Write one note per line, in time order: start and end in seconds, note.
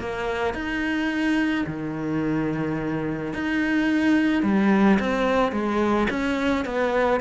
0.00 0.54 A#3
0.54 1.65 D#4
1.67 3.34 D#3
3.34 4.43 D#4
4.43 4.99 G3
5.00 5.53 C4
5.53 6.08 G#3
6.10 6.65 C#4
6.65 7.21 B3